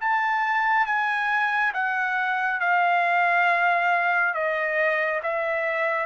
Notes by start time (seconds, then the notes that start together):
0.00 A5
0.85 G#5
1.73 F#5
2.60 F5
4.34 D#5
5.22 E5